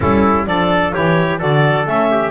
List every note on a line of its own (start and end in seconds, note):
0.00 0.46 G3
0.00 0.45 C#4
0.00 0.48 E4
0.00 0.44 A4
0.46 0.93 F3
0.46 0.93 D4
0.46 0.93 A4
0.46 0.93 D5
0.93 1.42 E3
0.93 1.39 E4
0.93 1.38 G4
0.93 1.40 C#5
1.38 1.86 D3
1.38 1.84 F#4
1.38 2.09 A4
1.38 1.87 D5
1.84 2.31 A3
1.84 2.31 C#4
1.84 2.31 E5
2.11 2.31 G4